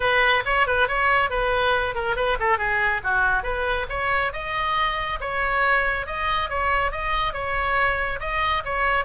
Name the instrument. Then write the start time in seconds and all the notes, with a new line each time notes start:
oboe
0.00 B4
0.45 C#5
0.66 B4
0.88 C#5
1.30 B4
1.94 A#4
2.16 B4
2.39 A4
2.58 G#4
3.03 F#4
3.43 B4
3.89 C#5
4.32 D#5
5.20 C#5
6.06 D#5
6.49 C#5
6.91 D#5
7.33 C#5
8.20 D#5
8.64 C#5